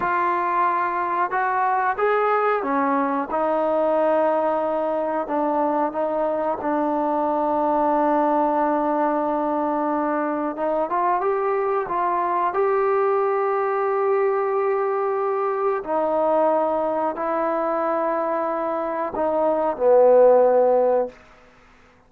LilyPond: \new Staff \with { instrumentName = "trombone" } { \time 4/4 \tempo 4 = 91 f'2 fis'4 gis'4 | cis'4 dis'2. | d'4 dis'4 d'2~ | d'1 |
dis'8 f'8 g'4 f'4 g'4~ | g'1 | dis'2 e'2~ | e'4 dis'4 b2 | }